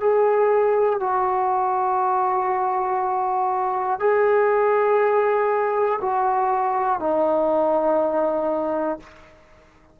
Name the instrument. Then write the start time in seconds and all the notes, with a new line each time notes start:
trombone
0.00 G#4
1.00 F#4
4.00 G#4
6.01 F#4
7.00 D#4